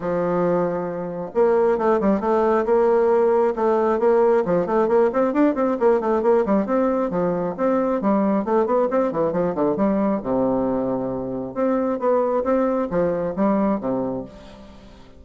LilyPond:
\new Staff \with { instrumentName = "bassoon" } { \time 4/4 \tempo 4 = 135 f2. ais4 | a8 g8 a4 ais2 | a4 ais4 f8 a8 ais8 c'8 | d'8 c'8 ais8 a8 ais8 g8 c'4 |
f4 c'4 g4 a8 b8 | c'8 e8 f8 d8 g4 c4~ | c2 c'4 b4 | c'4 f4 g4 c4 | }